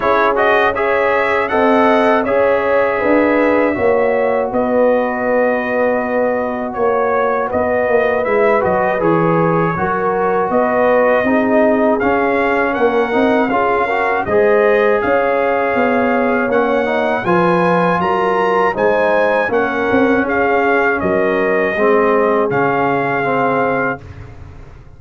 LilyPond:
<<
  \new Staff \with { instrumentName = "trumpet" } { \time 4/4 \tempo 4 = 80 cis''8 dis''8 e''4 fis''4 e''4~ | e''2 dis''2~ | dis''4 cis''4 dis''4 e''8 dis''8 | cis''2 dis''2 |
f''4 fis''4 f''4 dis''4 | f''2 fis''4 gis''4 | ais''4 gis''4 fis''4 f''4 | dis''2 f''2 | }
  \new Staff \with { instrumentName = "horn" } { \time 4/4 gis'4 cis''4 dis''4 cis''4 | b'4 cis''4 b'2~ | b'4 cis''4 b'2~ | b'4 ais'4 b'4 gis'4~ |
gis'4 ais'4 gis'8 ais'8 c''4 | cis''2. b'4 | ais'4 c''4 ais'4 gis'4 | ais'4 gis'2. | }
  \new Staff \with { instrumentName = "trombone" } { \time 4/4 e'8 fis'8 gis'4 a'4 gis'4~ | gis'4 fis'2.~ | fis'2. e'8 fis'8 | gis'4 fis'2 dis'4 |
cis'4. dis'8 f'8 fis'8 gis'4~ | gis'2 cis'8 dis'8 f'4~ | f'4 dis'4 cis'2~ | cis'4 c'4 cis'4 c'4 | }
  \new Staff \with { instrumentName = "tuba" } { \time 4/4 cis'2 c'4 cis'4 | d'4 ais4 b2~ | b4 ais4 b8 ais8 gis8 fis8 | e4 fis4 b4 c'4 |
cis'4 ais8 c'8 cis'4 gis4 | cis'4 b4 ais4 f4 | fis4 gis4 ais8 c'8 cis'4 | fis4 gis4 cis2 | }
>>